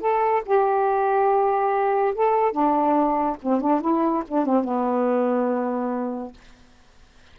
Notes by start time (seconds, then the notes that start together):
0.00 A4
0.45 G4
2.15 A4
2.52 D4
3.42 C4
3.61 D4
3.81 E4
4.28 D4
4.46 C4
4.64 B3